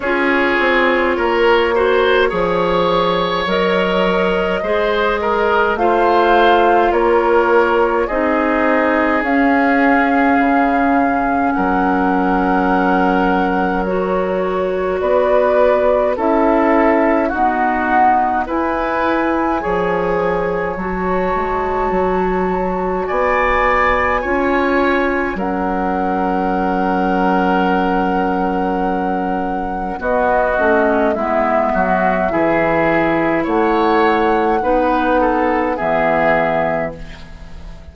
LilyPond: <<
  \new Staff \with { instrumentName = "flute" } { \time 4/4 \tempo 4 = 52 cis''2. dis''4~ | dis''4 f''4 cis''4 dis''4 | f''2 fis''2 | cis''4 d''4 e''4 fis''4 |
gis''2 a''2 | gis''2 fis''2~ | fis''2 dis''4 e''4~ | e''4 fis''2 e''4 | }
  \new Staff \with { instrumentName = "oboe" } { \time 4/4 gis'4 ais'8 c''8 cis''2 | c''8 ais'8 c''4 ais'4 gis'4~ | gis'2 ais'2~ | ais'4 b'4 a'4 fis'4 |
b'4 cis''2. | d''4 cis''4 ais'2~ | ais'2 fis'4 e'8 fis'8 | gis'4 cis''4 b'8 a'8 gis'4 | }
  \new Staff \with { instrumentName = "clarinet" } { \time 4/4 f'4. fis'8 gis'4 ais'4 | gis'4 f'2 dis'4 | cis'1 | fis'2 e'4 b4 |
e'4 gis'4 fis'2~ | fis'4 f'4 cis'2~ | cis'2 b8 cis'8 b4 | e'2 dis'4 b4 | }
  \new Staff \with { instrumentName = "bassoon" } { \time 4/4 cis'8 c'8 ais4 f4 fis4 | gis4 a4 ais4 c'4 | cis'4 cis4 fis2~ | fis4 b4 cis'4 dis'4 |
e'4 f4 fis8 gis8 fis4 | b4 cis'4 fis2~ | fis2 b8 a8 gis8 fis8 | e4 a4 b4 e4 | }
>>